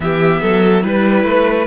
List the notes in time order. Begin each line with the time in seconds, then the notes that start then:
0.00 E3 B3 G4 E5
0.41 F#3 A4
0.82 G3 E4 B4
1.24 A3